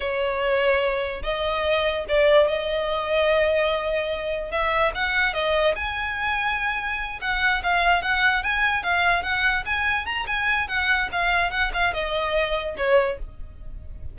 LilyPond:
\new Staff \with { instrumentName = "violin" } { \time 4/4 \tempo 4 = 146 cis''2. dis''4~ | dis''4 d''4 dis''2~ | dis''2. e''4 | fis''4 dis''4 gis''2~ |
gis''4. fis''4 f''4 fis''8~ | fis''8 gis''4 f''4 fis''4 gis''8~ | gis''8 ais''8 gis''4 fis''4 f''4 | fis''8 f''8 dis''2 cis''4 | }